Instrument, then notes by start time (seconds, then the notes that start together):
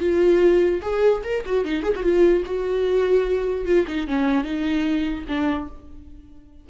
viola
0.00 F4
0.82 G#4
1.24 A#4
1.46 F#4
1.65 D#4
1.83 G#4
1.96 F#4
2.03 F4
2.45 F#4
3.66 F4
3.88 D#4
4.07 C#4
4.44 D#4
5.28 D4